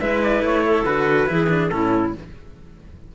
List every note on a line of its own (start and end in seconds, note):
0.00 0.41 G#3
0.00 0.86 E4
0.00 0.65 B4
0.00 0.21 E5
0.23 0.44 D5
0.41 0.84 A3
0.41 0.85 C#5
0.66 1.29 A4
0.85 1.28 D3
0.85 1.27 F#4
0.85 1.70 B4
1.27 1.72 E3
1.27 1.48 E4
1.27 1.73 G#4
1.49 1.71 D4
1.70 2.14 A2
1.70 2.15 C#4
1.70 2.16 E4
1.70 2.13 A4